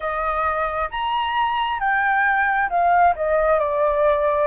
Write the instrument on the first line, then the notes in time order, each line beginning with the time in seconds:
flute
0.00 D#5
0.90 A#5
1.79 G5
2.69 F5
3.15 D#5
3.59 D5